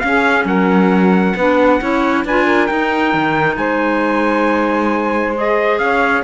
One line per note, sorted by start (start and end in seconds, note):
0.00 1.37 C#4
0.00 0.45 C#4
0.00 0.44 F5
0.07 0.48 G#4
0.45 1.34 F#3
0.45 1.36 A#4
0.45 2.26 F#5
1.36 1.81 B3
1.36 1.82 D4
1.36 1.81 B4
1.81 2.25 C#4
1.81 2.26 E4
1.81 2.25 C#5
2.25 2.70 D4
2.25 2.69 F4
2.25 2.45 B4
2.25 2.67 G#5
2.45 3.56 A#4
2.67 5.35 D#4
2.67 3.14 D#4
2.67 3.56 G5
3.14 3.57 D#3
3.57 5.80 G#3
3.57 5.81 C5
3.57 5.35 G#5
5.36 6.25 G#4
5.36 5.79 D#5
5.79 6.24 C#4
5.79 6.25 C#5
5.79 6.23 F5